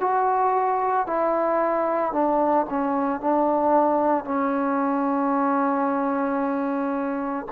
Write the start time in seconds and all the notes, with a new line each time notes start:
0.00 F#4
1.06 E4
2.13 D4
2.69 C#4
3.20 D4
4.25 C#4